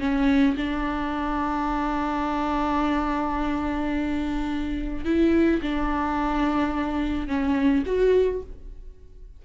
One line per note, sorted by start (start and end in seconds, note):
0.00 0.56 C#4
0.57 5.05 D4
5.05 5.61 E4
5.62 7.28 D4
7.28 7.84 C#4
7.86 8.42 F#4